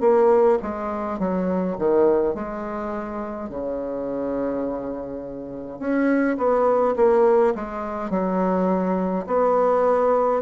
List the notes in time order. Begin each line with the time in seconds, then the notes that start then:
0.00 A#3
0.62 G#3
1.19 F#3
1.78 D#3
2.34 G#3
3.49 C#3
5.79 C#4
6.37 B3
6.95 A#3
7.55 G#3
8.10 F#3
9.26 B3